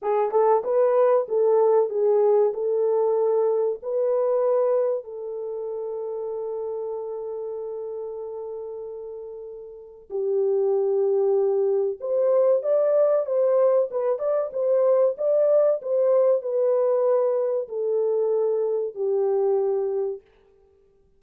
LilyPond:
\new Staff \with { instrumentName = "horn" } { \time 4/4 \tempo 4 = 95 gis'8 a'8 b'4 a'4 gis'4 | a'2 b'2 | a'1~ | a'1 |
g'2. c''4 | d''4 c''4 b'8 d''8 c''4 | d''4 c''4 b'2 | a'2 g'2 | }